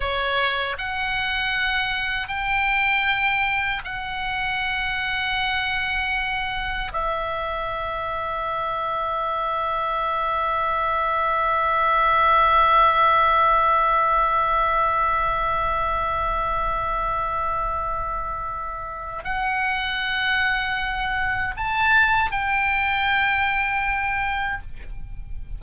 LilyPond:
\new Staff \with { instrumentName = "oboe" } { \time 4/4 \tempo 4 = 78 cis''4 fis''2 g''4~ | g''4 fis''2.~ | fis''4 e''2.~ | e''1~ |
e''1~ | e''1~ | e''4 fis''2. | a''4 g''2. | }